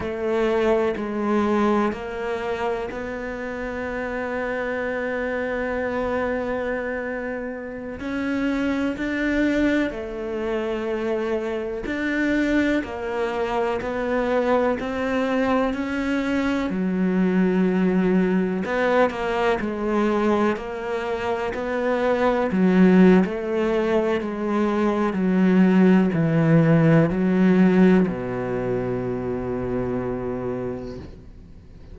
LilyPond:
\new Staff \with { instrumentName = "cello" } { \time 4/4 \tempo 4 = 62 a4 gis4 ais4 b4~ | b1~ | b16 cis'4 d'4 a4.~ a16~ | a16 d'4 ais4 b4 c'8.~ |
c'16 cis'4 fis2 b8 ais16~ | ais16 gis4 ais4 b4 fis8. | a4 gis4 fis4 e4 | fis4 b,2. | }